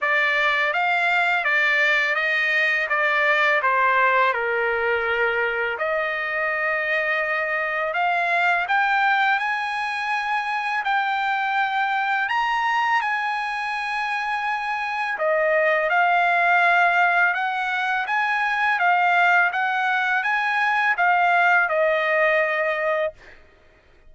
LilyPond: \new Staff \with { instrumentName = "trumpet" } { \time 4/4 \tempo 4 = 83 d''4 f''4 d''4 dis''4 | d''4 c''4 ais'2 | dis''2. f''4 | g''4 gis''2 g''4~ |
g''4 ais''4 gis''2~ | gis''4 dis''4 f''2 | fis''4 gis''4 f''4 fis''4 | gis''4 f''4 dis''2 | }